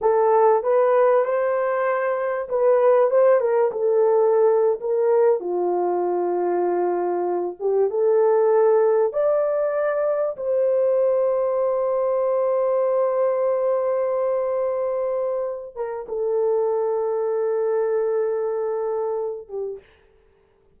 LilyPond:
\new Staff \with { instrumentName = "horn" } { \time 4/4 \tempo 4 = 97 a'4 b'4 c''2 | b'4 c''8 ais'8 a'4.~ a'16 ais'16~ | ais'8. f'2.~ f'16~ | f'16 g'8 a'2 d''4~ d''16~ |
d''8. c''2.~ c''16~ | c''1~ | c''4. ais'8 a'2~ | a'2.~ a'8 g'8 | }